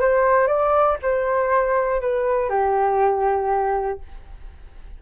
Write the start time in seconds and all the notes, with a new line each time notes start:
0.00 C5
0.47 D5
1.02 C5
2.00 B4
2.49 G4